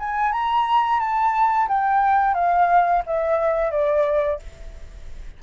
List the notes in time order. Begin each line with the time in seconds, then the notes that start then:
0.00 G#5
0.33 A#5
1.00 A5
1.69 G5
2.35 F5
3.07 E5
3.72 D5